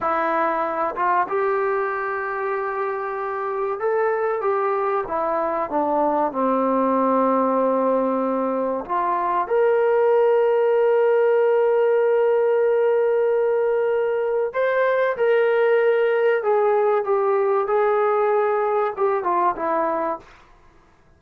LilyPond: \new Staff \with { instrumentName = "trombone" } { \time 4/4 \tempo 4 = 95 e'4. f'8 g'2~ | g'2 a'4 g'4 | e'4 d'4 c'2~ | c'2 f'4 ais'4~ |
ais'1~ | ais'2. c''4 | ais'2 gis'4 g'4 | gis'2 g'8 f'8 e'4 | }